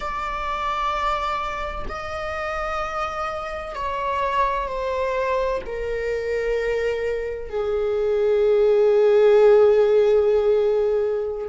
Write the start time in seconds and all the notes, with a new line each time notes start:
0.00 D5
1.88 D#5
3.75 C#5
4.67 C5
5.65 A#4
7.49 G#4